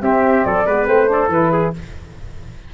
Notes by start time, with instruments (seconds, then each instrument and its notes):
0.00 saxophone C4, tuba C4, trumpet G4, flute E5
0.45 tuba F#3, trumpet A4, flute D5
0.66 tuba G#3, saxophone B3, trumpet B4
0.86 tuba A3, saxophone C4, flute C5
1.06 saxophone D4
1.13 trumpet A4
1.28 tuba E3, saxophone E4, flute B4
1.52 trumpet G#4